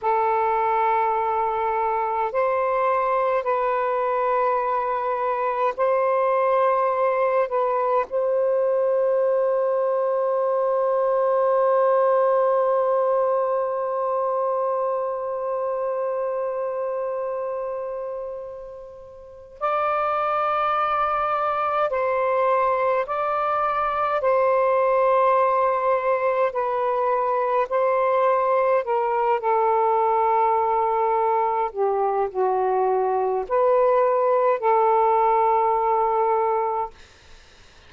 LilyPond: \new Staff \with { instrumentName = "saxophone" } { \time 4/4 \tempo 4 = 52 a'2 c''4 b'4~ | b'4 c''4. b'8 c''4~ | c''1~ | c''1~ |
c''4 d''2 c''4 | d''4 c''2 b'4 | c''4 ais'8 a'2 g'8 | fis'4 b'4 a'2 | }